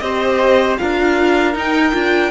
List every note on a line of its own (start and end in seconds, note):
0.00 0.78 C4
0.00 0.79 G4
0.00 0.80 C5
0.00 0.77 D#5
0.78 1.55 D4
0.78 1.54 F4
0.78 2.31 A#4
0.78 1.55 F5
1.54 1.92 D#4
1.54 1.94 D#4
1.54 2.31 G5
1.92 2.31 D4
1.92 2.31 F4